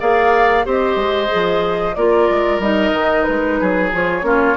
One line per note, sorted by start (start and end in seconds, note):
0.00 0.66 A#3
0.00 0.65 G#4
0.00 0.66 D5
0.00 0.66 F5
0.65 0.96 C4
0.65 1.28 G4
0.65 1.96 C5
0.65 1.95 D#5
0.96 1.28 G#3
1.28 1.93 G#4
1.34 1.96 F3
1.95 2.29 A#3
1.95 2.61 F4
1.95 3.60 A#4
1.95 2.60 D5
2.30 2.59 G#3
2.59 2.92 G3
2.59 3.92 D#4
2.59 3.24 D#5
2.93 3.25 D#3
3.24 3.61 G#3
3.24 3.89 B4
3.60 3.93 F#3
3.60 4.26 G#4
3.92 4.22 F3
3.92 4.22 F4
3.92 4.57 C#5
4.22 4.55 A#3
4.22 4.55 C#4
4.22 4.57 F4